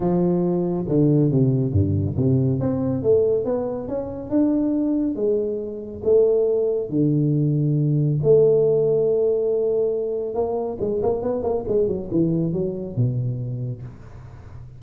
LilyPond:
\new Staff \with { instrumentName = "tuba" } { \time 4/4 \tempo 4 = 139 f2 d4 c4 | g,4 c4 c'4 a4 | b4 cis'4 d'2 | gis2 a2 |
d2. a4~ | a1 | ais4 gis8 ais8 b8 ais8 gis8 fis8 | e4 fis4 b,2 | }